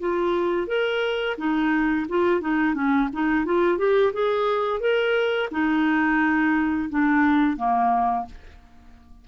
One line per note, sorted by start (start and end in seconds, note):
0.00 0.67 F4
0.67 1.36 A#4
1.38 2.07 D#4
2.08 2.41 F4
2.41 2.74 D#4
2.74 3.09 C#4
3.13 3.45 D#4
3.45 3.78 F4
3.78 4.13 G4
4.13 4.80 G#4
4.80 5.49 A#4
5.51 6.89 D#4
6.89 7.57 D4
7.57 8.26 A#3